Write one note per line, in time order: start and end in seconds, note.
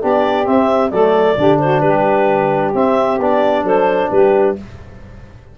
0.00 0.47 B3
0.00 0.45 D4
0.00 0.91 G4
0.00 0.47 D5
0.45 0.90 C4
0.45 0.91 C4
0.45 0.90 E5
0.90 1.37 F#3
0.90 1.38 A3
0.90 1.37 A4
0.90 1.58 D5
1.37 1.82 D3
1.37 2.74 D4
1.37 1.60 G4
1.59 1.84 F#4
1.59 1.81 C5
1.81 2.73 G3
1.81 3.64 G4
1.81 2.72 B4
2.74 3.20 C4
2.74 3.21 E5
3.20 3.63 B3
3.20 4.57 D4
3.20 3.65 D5
3.63 4.09 F#3
3.63 4.09 A4
3.63 4.10 C5
4.10 4.57 G3
4.10 4.58 G4
4.10 4.56 B4